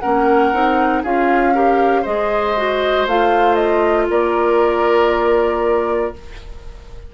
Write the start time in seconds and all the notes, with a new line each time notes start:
0.00 A#3 C#4 A#4 F#5
0.53 C4 D#4
1.03 C#4 F4 G#4 F5
1.54 G4 A#4
2.02 G#3 G#4 C5 D#5
2.57 F#4
3.07 A3 F4 F5
3.55 D#5
4.09 A#3 A#4 D5